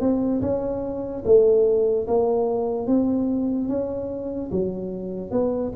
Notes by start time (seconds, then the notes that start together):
0.00 C4
0.41 C#4
1.25 A3
2.08 A#3
2.87 C4
3.69 C#4
4.52 F#3
5.31 B3